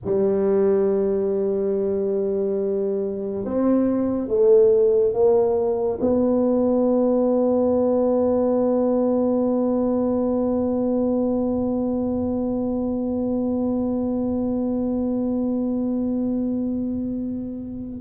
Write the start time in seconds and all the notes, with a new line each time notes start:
0.05 G3
3.44 C4
4.28 A3
5.13 A#3
6.00 B3